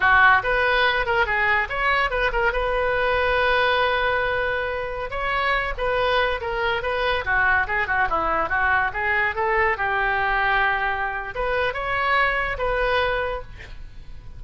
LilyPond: \new Staff \with { instrumentName = "oboe" } { \time 4/4 \tempo 4 = 143 fis'4 b'4. ais'8 gis'4 | cis''4 b'8 ais'8 b'2~ | b'1~ | b'16 cis''4. b'4. ais'8.~ |
ais'16 b'4 fis'4 gis'8 fis'8 e'8.~ | e'16 fis'4 gis'4 a'4 g'8.~ | g'2. b'4 | cis''2 b'2 | }